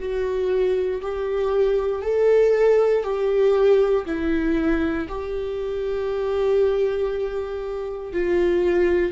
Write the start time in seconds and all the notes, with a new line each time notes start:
0.00 F#4
1.02 G4
2.02 A4
3.04 G4
4.06 E4
5.09 G4
8.14 F4